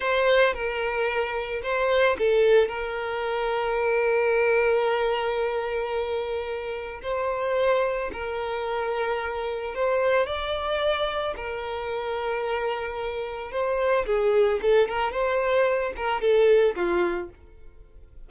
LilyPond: \new Staff \with { instrumentName = "violin" } { \time 4/4 \tempo 4 = 111 c''4 ais'2 c''4 | a'4 ais'2.~ | ais'1~ | ais'4 c''2 ais'4~ |
ais'2 c''4 d''4~ | d''4 ais'2.~ | ais'4 c''4 gis'4 a'8 ais'8 | c''4. ais'8 a'4 f'4 | }